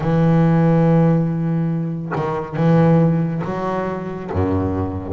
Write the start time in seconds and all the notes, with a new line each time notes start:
0.00 E3
2.15 D#3
2.56 E3
3.44 F#3
4.32 F#2